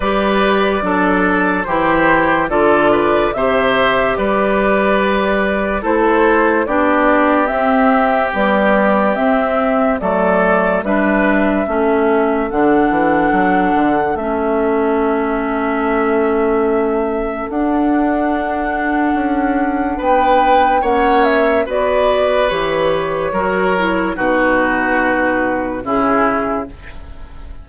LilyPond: <<
  \new Staff \with { instrumentName = "flute" } { \time 4/4 \tempo 4 = 72 d''2 c''4 d''4 | e''4 d''2 c''4 | d''4 e''4 d''4 e''4 | d''4 e''2 fis''4~ |
fis''4 e''2.~ | e''4 fis''2. | g''4 fis''8 e''8 d''4 cis''4~ | cis''4 b'2 gis'4 | }
  \new Staff \with { instrumentName = "oboe" } { \time 4/4 b'4 a'4 g'4 a'8 b'8 | c''4 b'2 a'4 | g'1 | a'4 b'4 a'2~ |
a'1~ | a'1 | b'4 cis''4 b'2 | ais'4 fis'2 e'4 | }
  \new Staff \with { instrumentName = "clarinet" } { \time 4/4 g'4 d'4 e'4 f'4 | g'2. e'4 | d'4 c'4 g4 c'4 | a4 d'4 cis'4 d'4~ |
d'4 cis'2.~ | cis'4 d'2.~ | d'4 cis'4 fis'4 g'4 | fis'8 e'8 dis'2 cis'4 | }
  \new Staff \with { instrumentName = "bassoon" } { \time 4/4 g4 fis4 e4 d4 | c4 g2 a4 | b4 c'4 b4 c'4 | fis4 g4 a4 d8 e8 |
fis8 d8 a2.~ | a4 d'2 cis'4 | b4 ais4 b4 e4 | fis4 b,2 cis4 | }
>>